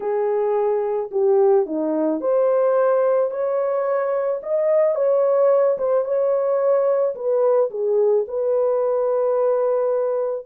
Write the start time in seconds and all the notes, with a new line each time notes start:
0.00 G#4
1.11 G4
1.66 D#4
2.20 C5
3.31 C#5
4.42 D#5
4.95 C#5
5.78 C5
6.04 C#5
7.15 B4
7.70 G#4
8.27 B4